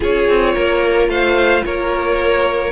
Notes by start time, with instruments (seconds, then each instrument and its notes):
0.00 cello C#4, viola F4, violin G#4 C#5
0.28 cello C4
0.54 cello A#3, violin A#4
1.08 cello A3, violin C5 F5
1.65 cello A#3, violin A#4 C#5